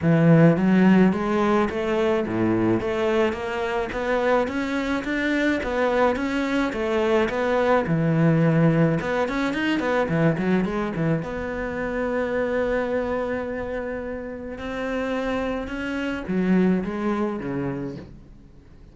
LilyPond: \new Staff \with { instrumentName = "cello" } { \time 4/4 \tempo 4 = 107 e4 fis4 gis4 a4 | a,4 a4 ais4 b4 | cis'4 d'4 b4 cis'4 | a4 b4 e2 |
b8 cis'8 dis'8 b8 e8 fis8 gis8 e8 | b1~ | b2 c'2 | cis'4 fis4 gis4 cis4 | }